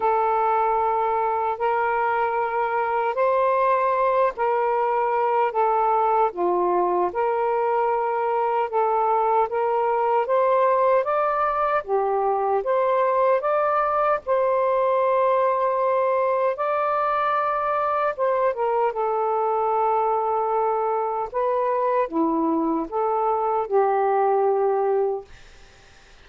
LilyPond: \new Staff \with { instrumentName = "saxophone" } { \time 4/4 \tempo 4 = 76 a'2 ais'2 | c''4. ais'4. a'4 | f'4 ais'2 a'4 | ais'4 c''4 d''4 g'4 |
c''4 d''4 c''2~ | c''4 d''2 c''8 ais'8 | a'2. b'4 | e'4 a'4 g'2 | }